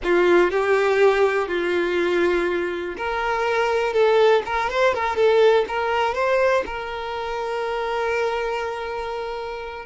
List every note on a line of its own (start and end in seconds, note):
0.03 0.50 F4
0.50 1.48 G4
1.48 2.95 F4
2.97 3.93 A#4
3.93 4.42 A4
4.45 4.69 A#4
4.69 4.94 C5
4.94 5.15 A#4
5.15 5.65 A4
5.68 6.14 A#4
6.14 6.63 C5
6.66 9.85 A#4